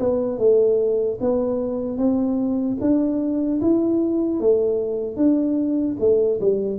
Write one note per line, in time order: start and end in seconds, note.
0.00 0.39 B3
0.39 1.19 A3
1.21 1.98 B3
1.98 2.78 C4
2.81 3.61 D4
3.61 4.40 E4
4.40 5.16 A3
5.16 5.96 D4
6.00 6.40 A3
6.41 6.79 G3